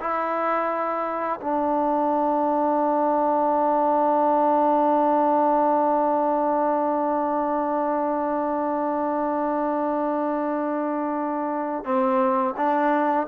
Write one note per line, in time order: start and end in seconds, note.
0.00 1.40 E4
1.40 11.84 D4
11.84 12.54 C4
12.57 13.27 D4